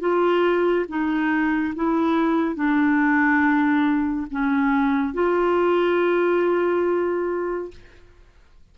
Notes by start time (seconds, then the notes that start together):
0.00 F4
0.88 D#4
1.75 E4
2.56 D4
4.31 C#4
5.14 F4